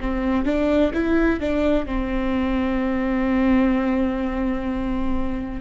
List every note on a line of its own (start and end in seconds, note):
0.00 0.45 C4
0.45 0.92 D4
0.93 1.39 E4
1.39 1.86 D4
1.86 5.60 C4